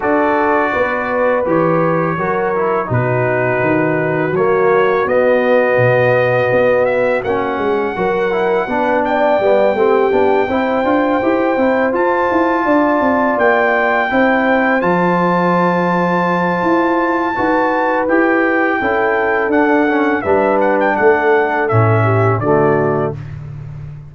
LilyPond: <<
  \new Staff \with { instrumentName = "trumpet" } { \time 4/4 \tempo 4 = 83 d''2 cis''2 | b'2 cis''4 dis''4~ | dis''4. e''8 fis''2~ | fis''8 g''2.~ g''8~ |
g''8 a''2 g''4.~ | g''8 a''2.~ a''8~ | a''4 g''2 fis''4 | e''8 fis''16 g''16 fis''4 e''4 d''4 | }
  \new Staff \with { instrumentName = "horn" } { \time 4/4 a'4 b'2 ais'4 | fis'1~ | fis'2. ais'4 | b'8 d''4 g'4 c''4.~ |
c''4. d''2 c''8~ | c''1 | b'2 a'2 | b'4 a'4. g'8 fis'4 | }
  \new Staff \with { instrumentName = "trombone" } { \time 4/4 fis'2 g'4 fis'8 e'8 | dis'2 ais4 b4~ | b2 cis'4 fis'8 e'8 | d'4 b8 c'8 d'8 e'8 f'8 g'8 |
e'8 f'2. e'8~ | e'8 f'2.~ f'8 | fis'4 g'4 e'4 d'8 cis'8 | d'2 cis'4 a4 | }
  \new Staff \with { instrumentName = "tuba" } { \time 4/4 d'4 b4 e4 fis4 | b,4 dis4 fis4 b4 | b,4 b4 ais8 gis8 fis4 | b4 g8 a8 b8 c'8 d'8 e'8 |
c'8 f'8 e'8 d'8 c'8 ais4 c'8~ | c'8 f2~ f8 e'4 | dis'4 e'4 cis'4 d'4 | g4 a4 a,4 d4 | }
>>